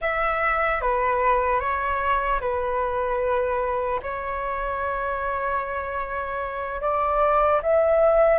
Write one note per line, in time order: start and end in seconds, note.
0.01 0.81 E5
0.81 1.60 B4
1.60 2.40 C#5
2.40 4.00 B4
4.02 6.81 C#5
6.81 7.61 D5
7.62 8.39 E5